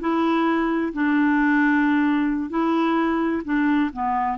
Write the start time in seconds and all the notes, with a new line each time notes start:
0.00 E4
0.93 D4
2.50 E4
3.44 D4
3.93 B3